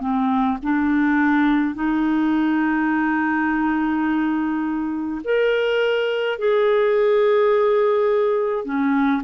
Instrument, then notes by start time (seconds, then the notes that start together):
clarinet
0.00 C4
0.62 D4
1.75 D#4
5.24 A#4
6.39 G#4
8.64 C#4